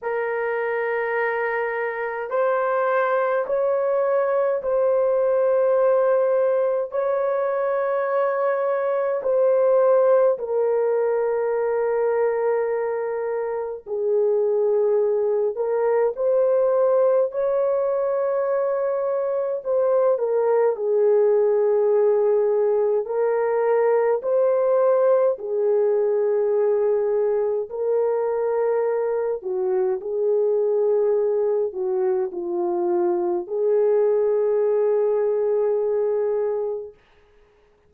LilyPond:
\new Staff \with { instrumentName = "horn" } { \time 4/4 \tempo 4 = 52 ais'2 c''4 cis''4 | c''2 cis''2 | c''4 ais'2. | gis'4. ais'8 c''4 cis''4~ |
cis''4 c''8 ais'8 gis'2 | ais'4 c''4 gis'2 | ais'4. fis'8 gis'4. fis'8 | f'4 gis'2. | }